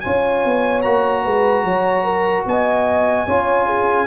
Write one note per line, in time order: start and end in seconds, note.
0.00 0.45 C#4
0.00 0.84 F4
0.00 1.23 C#5
0.00 0.81 G#5
0.45 0.85 B3
0.82 1.25 A#3
0.82 3.27 F#4
0.82 2.44 A#5
1.23 1.64 G#3
1.23 1.63 B4
1.64 2.45 F#3
1.64 2.04 C#5
2.04 2.44 A#4
2.46 3.27 B3
2.46 3.27 D#5
2.46 4.07 G#5
3.27 4.07 C#4
3.27 4.07 F4
3.27 3.66 C#5
3.66 4.07 G#4